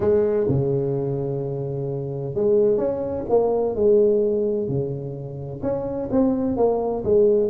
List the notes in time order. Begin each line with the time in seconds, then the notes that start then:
0.00 G#3
0.48 C#3
2.34 G#3
2.77 C#4
3.29 A#3
3.75 G#3
4.68 C#3
5.62 C#4
6.11 C4
6.56 A#3
7.04 G#3